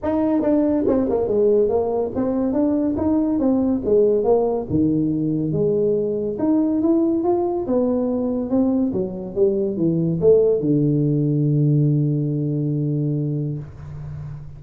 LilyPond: \new Staff \with { instrumentName = "tuba" } { \time 4/4 \tempo 4 = 141 dis'4 d'4 c'8 ais8 gis4 | ais4 c'4 d'4 dis'4 | c'4 gis4 ais4 dis4~ | dis4 gis2 dis'4 |
e'4 f'4 b2 | c'4 fis4 g4 e4 | a4 d2.~ | d1 | }